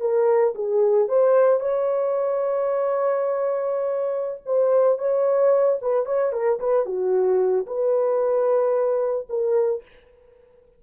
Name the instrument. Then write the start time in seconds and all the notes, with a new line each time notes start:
horn
0.00 A#4
0.55 G#4
1.08 C5
1.59 C#5
4.45 C5
4.98 C#5
5.81 B4
6.05 C#5
6.32 A#4
6.59 B4
6.85 F#4
7.66 B4
9.29 A#4